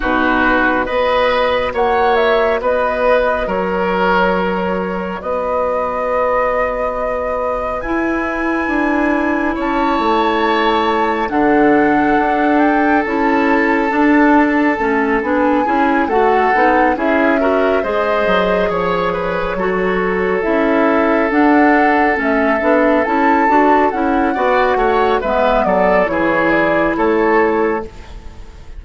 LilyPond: <<
  \new Staff \with { instrumentName = "flute" } { \time 4/4 \tempo 4 = 69 b'4 dis''4 fis''8 e''8 dis''4 | cis''2 dis''2~ | dis''4 gis''2 a''4~ | a''4 fis''4. g''8 a''4~ |
a''4. gis''4 fis''4 e''8~ | e''8 dis''4 cis''2 e''8~ | e''8 fis''4 e''4 a''4 fis''8~ | fis''4 e''8 d''8 cis''8 d''8 cis''4 | }
  \new Staff \with { instrumentName = "oboe" } { \time 4/4 fis'4 b'4 cis''4 b'4 | ais'2 b'2~ | b'2. cis''4~ | cis''4 a'2.~ |
a'2 gis'8 a'4 gis'8 | ais'8 c''4 cis''8 b'8 a'4.~ | a'1 | d''8 cis''8 b'8 a'8 gis'4 a'4 | }
  \new Staff \with { instrumentName = "clarinet" } { \time 4/4 dis'4 fis'2.~ | fis'1~ | fis'4 e'2.~ | e'4 d'2 e'4 |
d'4 cis'8 d'8 e'8 fis'8 dis'8 e'8 | fis'8 gis'2 fis'4 e'8~ | e'8 d'4 cis'8 d'8 e'8 fis'8 e'8 | fis'4 b4 e'2 | }
  \new Staff \with { instrumentName = "bassoon" } { \time 4/4 b,4 b4 ais4 b4 | fis2 b2~ | b4 e'4 d'4 cis'8 a8~ | a4 d4 d'4 cis'4 |
d'4 a8 b8 cis'8 a8 b8 cis'8~ | cis'8 gis8 fis8 f4 fis4 cis'8~ | cis'8 d'4 a8 b8 cis'8 d'8 cis'8 | b8 a8 gis8 fis8 e4 a4 | }
>>